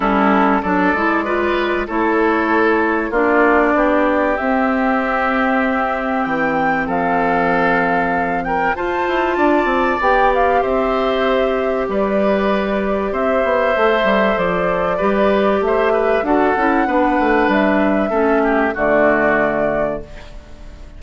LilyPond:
<<
  \new Staff \with { instrumentName = "flute" } { \time 4/4 \tempo 4 = 96 a'4 d''2 cis''4~ | cis''4 d''2 e''4~ | e''2 g''4 f''4~ | f''4. g''8 a''2 |
g''8 f''8 e''2 d''4~ | d''4 e''2 d''4~ | d''4 e''4 fis''2 | e''2 d''2 | }
  \new Staff \with { instrumentName = "oboe" } { \time 4/4 e'4 a'4 b'4 a'4~ | a'4 f'4 g'2~ | g'2. a'4~ | a'4. ais'8 c''4 d''4~ |
d''4 c''2 b'4~ | b'4 c''2. | b'4 c''8 b'8 a'4 b'4~ | b'4 a'8 g'8 fis'2 | }
  \new Staff \with { instrumentName = "clarinet" } { \time 4/4 cis'4 d'8 e'8 f'4 e'4~ | e'4 d'2 c'4~ | c'1~ | c'2 f'2 |
g'1~ | g'2 a'2 | g'2 fis'8 e'8 d'4~ | d'4 cis'4 a2 | }
  \new Staff \with { instrumentName = "bassoon" } { \time 4/4 g4 fis8 gis4. a4~ | a4 ais4 b4 c'4~ | c'2 e4 f4~ | f2 f'8 e'8 d'8 c'8 |
b4 c'2 g4~ | g4 c'8 b8 a8 g8 f4 | g4 a4 d'8 cis'8 b8 a8 | g4 a4 d2 | }
>>